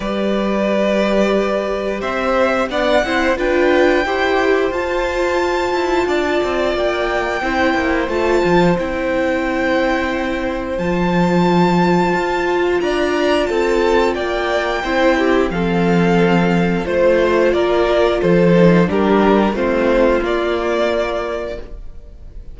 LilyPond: <<
  \new Staff \with { instrumentName = "violin" } { \time 4/4 \tempo 4 = 89 d''2. e''4 | fis''4 g''2 a''4~ | a''2 g''2 | a''4 g''2. |
a''2. ais''4 | a''4 g''2 f''4~ | f''4 c''4 d''4 c''4 | ais'4 c''4 d''2 | }
  \new Staff \with { instrumentName = "violin" } { \time 4/4 b'2. c''4 | d''8 c''8 b'4 c''2~ | c''4 d''2 c''4~ | c''1~ |
c''2. d''4 | a'4 d''4 c''8 g'8 a'4~ | a'4 c''4 ais'4 a'4 | g'4 f'2. | }
  \new Staff \with { instrumentName = "viola" } { \time 4/4 g'1 | d'8 e'8 f'4 g'4 f'4~ | f'2. e'4 | f'4 e'2. |
f'1~ | f'2 e'4 c'4~ | c'4 f'2~ f'8 dis'8 | d'4 c'4 ais2 | }
  \new Staff \with { instrumentName = "cello" } { \time 4/4 g2. c'4 | b8 c'8 d'4 e'4 f'4~ | f'8 e'8 d'8 c'8 ais4 c'8 ais8 | a8 f8 c'2. |
f2 f'4 d'4 | c'4 ais4 c'4 f4~ | f4 a4 ais4 f4 | g4 a4 ais2 | }
>>